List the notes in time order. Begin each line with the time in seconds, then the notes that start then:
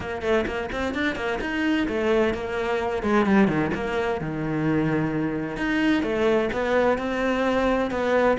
0.00 A#3
0.22 A3
0.46 A#3
0.71 C4
0.94 D4
1.15 A#3
1.40 D#4
1.88 A3
2.33 A#3
3.02 G#3
3.25 G3
3.47 D#3
3.74 A#3
4.20 D#3
5.56 D#4
6.02 A3
6.52 B3
6.97 C4
7.90 B3